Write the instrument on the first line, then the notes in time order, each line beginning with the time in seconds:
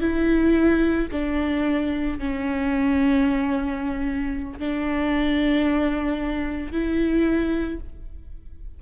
viola
0.00 E4
1.11 D4
2.19 C#4
4.59 D4
6.72 E4